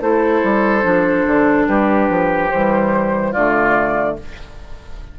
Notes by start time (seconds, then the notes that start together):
0.00 A3 E4 A4 C5
0.43 G3
0.81 F3 D4
1.26 D3
1.67 G3 G4 B4
2.09 F3
2.49 E3 G3 C5
3.31 D3 A3 F4 D5